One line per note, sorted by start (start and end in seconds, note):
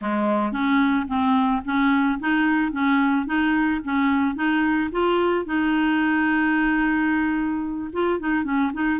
0.01 0.52 G#3
0.52 1.06 C#4
1.07 1.62 C4
1.64 2.19 C#4
2.19 2.71 D#4
2.71 3.26 C#4
3.26 3.80 D#4
3.84 4.35 C#4
4.35 4.90 D#4
4.91 5.45 F4
5.45 7.91 D#4
7.92 8.19 F4
8.19 8.44 D#4
8.44 8.71 C#4
8.73 9.00 D#4